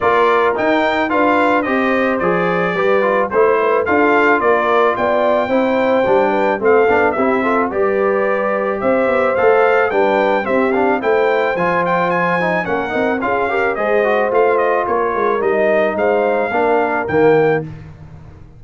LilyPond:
<<
  \new Staff \with { instrumentName = "trumpet" } { \time 4/4 \tempo 4 = 109 d''4 g''4 f''4 dis''4 | d''2 c''4 f''4 | d''4 g''2. | f''4 e''4 d''2 |
e''4 f''4 g''4 e''8 f''8 | g''4 gis''8 g''8 gis''4 fis''4 | f''4 dis''4 f''8 dis''8 cis''4 | dis''4 f''2 g''4 | }
  \new Staff \with { instrumentName = "horn" } { \time 4/4 ais'2 b'4 c''4~ | c''4 b'4 c''8 b'8 a'4 | ais'4 d''4 c''4. b'8 | a'4 g'8 a'8 b'2 |
c''2 b'4 g'4 | c''2. ais'4 | gis'8 ais'8 c''2 ais'4~ | ais'4 c''4 ais'2 | }
  \new Staff \with { instrumentName = "trombone" } { \time 4/4 f'4 dis'4 f'4 g'4 | gis'4 g'8 f'8 e'4 f'4~ | f'2 e'4 d'4 | c'8 d'8 e'8 f'8 g'2~ |
g'4 a'4 d'4 c'8 d'8 | e'4 f'4. dis'8 cis'8 dis'8 | f'8 g'8 gis'8 fis'8 f'2 | dis'2 d'4 ais4 | }
  \new Staff \with { instrumentName = "tuba" } { \time 4/4 ais4 dis'4 d'4 c'4 | f4 g4 a4 d'4 | ais4 b4 c'4 g4 | a8 b8 c'4 g2 |
c'8 b8 a4 g4 c'4 | a4 f2 ais8 c'8 | cis'4 gis4 a4 ais8 gis8 | g4 gis4 ais4 dis4 | }
>>